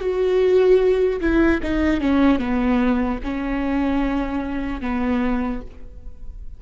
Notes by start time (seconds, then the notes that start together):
0.00 F#4
1.20 E4
1.63 D#4
2.00 C#4
2.39 B3
3.23 C#4
4.81 B3